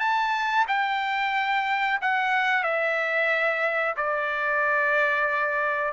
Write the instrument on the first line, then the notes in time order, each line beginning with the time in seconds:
trumpet
0.00 A5
0.68 G5
2.02 F#5
2.63 E5
3.97 D5